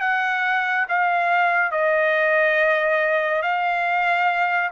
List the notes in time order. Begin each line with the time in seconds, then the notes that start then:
0.00 F#5
0.88 F5
1.71 D#5
3.42 F5